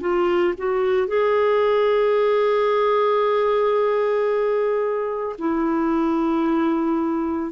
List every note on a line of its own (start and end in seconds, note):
0.00 0.54 F4
0.57 1.07 F#4
1.07 5.36 G#4
5.38 7.51 E4